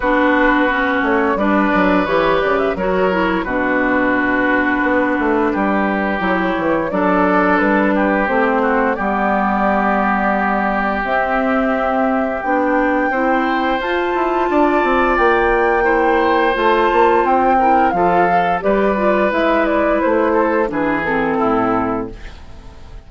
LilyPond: <<
  \new Staff \with { instrumentName = "flute" } { \time 4/4 \tempo 4 = 87 b'4. cis''8 d''4 cis''8 d''16 e''16 | cis''4 b'2.~ | b'4 cis''4 d''4 b'4 | c''4 d''2. |
e''2 g''2 | a''2 g''2 | a''4 g''4 f''4 d''4 | e''8 d''8 c''4 b'8 a'4. | }
  \new Staff \with { instrumentName = "oboe" } { \time 4/4 fis'2 b'2 | ais'4 fis'2. | g'2 a'4. g'8~ | g'8 fis'8 g'2.~ |
g'2. c''4~ | c''4 d''2 c''4~ | c''4. ais'8 a'4 b'4~ | b'4. a'8 gis'4 e'4 | }
  \new Staff \with { instrumentName = "clarinet" } { \time 4/4 d'4 cis'4 d'4 g'4 | fis'8 e'8 d'2.~ | d'4 e'4 d'2 | c'4 b2. |
c'2 d'4 e'4 | f'2. e'4 | f'4. e'8 f'8 a'8 g'8 f'8 | e'2 d'8 c'4. | }
  \new Staff \with { instrumentName = "bassoon" } { \time 4/4 b4. a8 g8 fis8 e8 cis8 | fis4 b,2 b8 a8 | g4 fis8 e8 fis4 g4 | a4 g2. |
c'2 b4 c'4 | f'8 e'8 d'8 c'8 ais2 | a8 ais8 c'4 f4 g4 | gis4 a4 e4 a,4 | }
>>